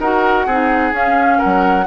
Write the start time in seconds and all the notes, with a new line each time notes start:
0.00 D#4 F#4 A#4 F#5
0.46 C4 D#4 G#4
0.92 C#4 F5
1.38 A#4 F#5
1.45 F#3